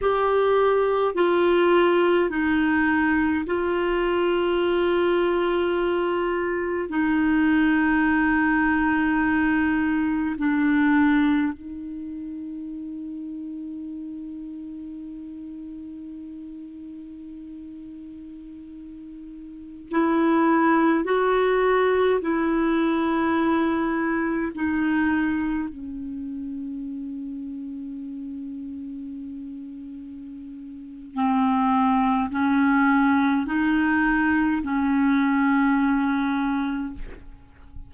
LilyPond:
\new Staff \with { instrumentName = "clarinet" } { \time 4/4 \tempo 4 = 52 g'4 f'4 dis'4 f'4~ | f'2 dis'2~ | dis'4 d'4 dis'2~ | dis'1~ |
dis'4~ dis'16 e'4 fis'4 e'8.~ | e'4~ e'16 dis'4 cis'4.~ cis'16~ | cis'2. c'4 | cis'4 dis'4 cis'2 | }